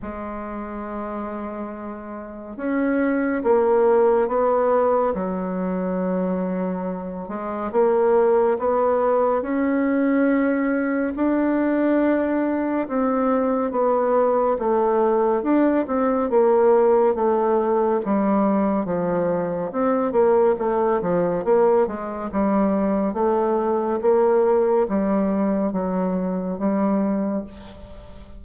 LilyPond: \new Staff \with { instrumentName = "bassoon" } { \time 4/4 \tempo 4 = 70 gis2. cis'4 | ais4 b4 fis2~ | fis8 gis8 ais4 b4 cis'4~ | cis'4 d'2 c'4 |
b4 a4 d'8 c'8 ais4 | a4 g4 f4 c'8 ais8 | a8 f8 ais8 gis8 g4 a4 | ais4 g4 fis4 g4 | }